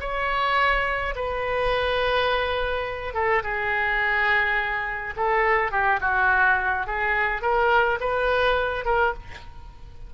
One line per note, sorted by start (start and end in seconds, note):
0.00 1.14 C#5
1.15 3.14 B4
3.14 3.42 A4
3.43 5.14 G#4
5.16 5.71 A4
5.71 6.00 G4
6.01 6.86 F#4
6.86 7.42 G#4
7.42 7.99 A#4
8.00 8.85 B4
8.85 9.13 A#4